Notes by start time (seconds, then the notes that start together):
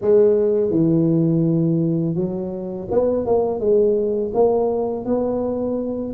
0.01 G#3
0.70 E3
2.15 F#3
2.90 B3
3.26 A#3
3.59 G#3
4.34 A#3
5.05 B3